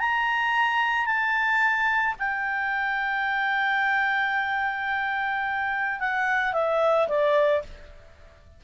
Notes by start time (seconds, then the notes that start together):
0.00 A#5
1.06 A5
2.19 G5
6.00 F#5
6.54 E5
7.09 D5